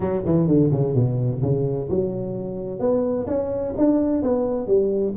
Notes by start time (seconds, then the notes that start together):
0.00 F#3
0.25 E3
0.47 D3
0.71 C#3
0.94 B2
1.41 C#3
1.89 F#3
2.79 B3
3.27 C#4
3.77 D4
4.22 B3
4.67 G3